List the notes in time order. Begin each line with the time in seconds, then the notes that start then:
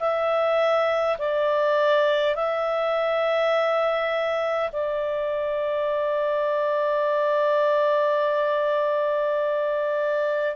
0.00 E5
1.19 D5
2.35 E5
4.73 D5